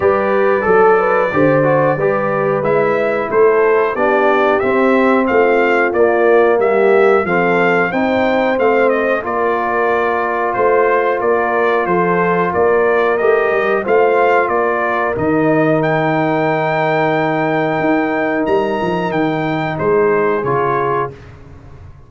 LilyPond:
<<
  \new Staff \with { instrumentName = "trumpet" } { \time 4/4 \tempo 4 = 91 d''1 | e''4 c''4 d''4 e''4 | f''4 d''4 e''4 f''4 | g''4 f''8 dis''8 d''2 |
c''4 d''4 c''4 d''4 | dis''4 f''4 d''4 dis''4 | g''1 | ais''4 g''4 c''4 cis''4 | }
  \new Staff \with { instrumentName = "horn" } { \time 4/4 b'4 a'8 b'8 c''4 b'4~ | b'4 a'4 g'2 | f'2 g'4 a'4 | c''2 ais'2 |
c''4 ais'4 a'4 ais'4~ | ais'4 c''4 ais'2~ | ais'1~ | ais'2 gis'2 | }
  \new Staff \with { instrumentName = "trombone" } { \time 4/4 g'4 a'4 g'8 fis'8 g'4 | e'2 d'4 c'4~ | c'4 ais2 c'4 | dis'4 c'4 f'2~ |
f'1 | g'4 f'2 dis'4~ | dis'1~ | dis'2. f'4 | }
  \new Staff \with { instrumentName = "tuba" } { \time 4/4 g4 fis4 d4 g4 | gis4 a4 b4 c'4 | a4 ais4 g4 f4 | c'4 a4 ais2 |
a4 ais4 f4 ais4 | a8 g8 a4 ais4 dis4~ | dis2. dis'4 | g8 f8 dis4 gis4 cis4 | }
>>